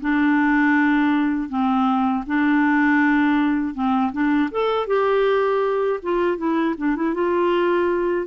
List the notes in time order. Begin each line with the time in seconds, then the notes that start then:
0.00 D4
1.49 C4
2.26 D4
3.74 C4
4.12 D4
4.51 A4
4.87 G4
6.02 F4
6.37 E4
6.77 D4
6.95 E4
7.14 F4